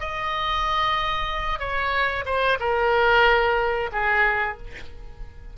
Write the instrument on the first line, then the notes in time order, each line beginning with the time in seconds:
oboe
0.00 D#5
1.59 C#5
2.26 C5
2.60 A#4
3.92 G#4